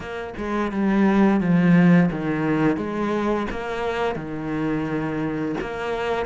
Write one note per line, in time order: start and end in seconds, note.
0.00 0.33 A#3
0.37 0.71 G#3
0.71 1.40 G3
1.40 2.10 F3
2.11 2.77 D#3
2.77 3.46 G#3
3.51 4.15 A#3
4.15 5.55 D#3
5.60 6.26 A#3